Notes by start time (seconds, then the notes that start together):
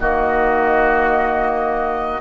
0.00 D#3 A#3 F#4 D#5